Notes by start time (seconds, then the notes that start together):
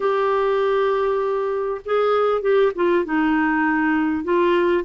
0.00 G4
1.85 G#4
2.41 G4
2.75 F4
3.04 D#4
4.23 F4